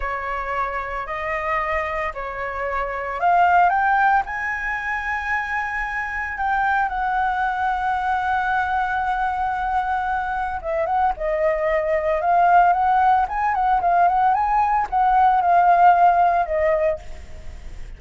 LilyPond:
\new Staff \with { instrumentName = "flute" } { \time 4/4 \tempo 4 = 113 cis''2 dis''2 | cis''2 f''4 g''4 | gis''1 | g''4 fis''2.~ |
fis''1 | e''8 fis''8 dis''2 f''4 | fis''4 gis''8 fis''8 f''8 fis''8 gis''4 | fis''4 f''2 dis''4 | }